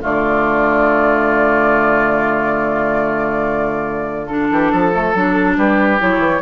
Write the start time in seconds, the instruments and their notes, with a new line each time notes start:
0.00 bassoon D3, clarinet A3, oboe F4, flute D5
4.27 clarinet D4, flute A4
4.50 bassoon E3, oboe G4
4.72 bassoon F3, oboe A4
4.92 clarinet A3
5.14 bassoon F#3, clarinet D4
5.56 bassoon G3, oboe G4, flute B4
5.98 bassoon F#3, clarinet E4, flute C#5
6.18 bassoon E3